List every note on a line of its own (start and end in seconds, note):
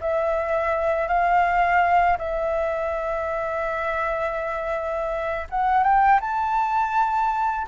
0.00 1.07 E5
1.07 2.17 F5
2.18 5.47 E5
5.49 5.83 F#5
5.83 6.20 G5
6.20 7.67 A5